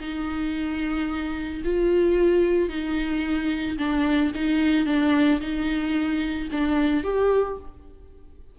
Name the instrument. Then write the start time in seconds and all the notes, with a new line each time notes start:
viola
0.00 D#4
1.64 F4
2.70 D#4
3.78 D4
4.35 D#4
4.86 D4
5.41 D#4
6.52 D4
7.04 G4